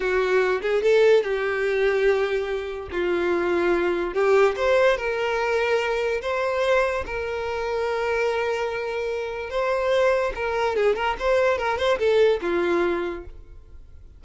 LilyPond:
\new Staff \with { instrumentName = "violin" } { \time 4/4 \tempo 4 = 145 fis'4. gis'8 a'4 g'4~ | g'2. f'4~ | f'2 g'4 c''4 | ais'2. c''4~ |
c''4 ais'2.~ | ais'2. c''4~ | c''4 ais'4 gis'8 ais'8 c''4 | ais'8 c''8 a'4 f'2 | }